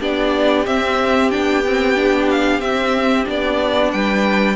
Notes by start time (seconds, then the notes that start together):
0.00 B3 D4 G4 D5
0.66 C4 E5
1.30 B3 D4 G5
1.67 C4
1.95 D4
2.30 F5
2.60 C4 E5
3.25 B3 D4 D5
3.91 G3 B4 G5